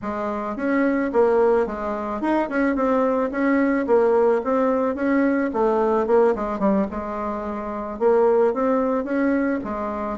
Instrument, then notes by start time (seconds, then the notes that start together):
bassoon
0.02 G#3
0.56 C#4
1.12 A#3
1.66 G#3
2.21 D#4
2.49 C#4
2.75 C4
3.31 C#4
3.86 A#3
4.44 C4
4.95 C#4
5.53 A3
6.07 A#3
6.35 G#3
6.59 G3
6.91 G#3
7.99 A#3
8.53 C4
9.04 C#4
9.63 G#3